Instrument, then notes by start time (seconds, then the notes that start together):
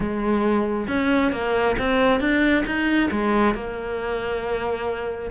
cello
0.00 G#3
0.87 C#4
1.32 A#3
1.78 C4
2.20 D4
2.66 D#4
3.11 G#3
3.54 A#3